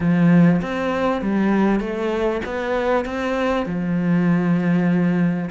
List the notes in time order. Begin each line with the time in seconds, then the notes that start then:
0.00 F3
0.61 C4
1.21 G3
1.80 A3
2.45 B3
3.05 C4
3.66 F3